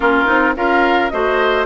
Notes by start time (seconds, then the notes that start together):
0.00 A#3 C#4 F4 A#4
0.25 C4 D#4
0.55 C#4 F4 A#4 F5
1.09 A3 F#4 C5 D#5